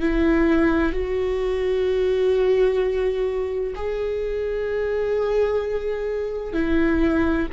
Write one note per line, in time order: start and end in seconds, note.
0.00 0.92 E4
0.92 3.73 F#4
3.75 6.53 G#4
6.53 7.47 E4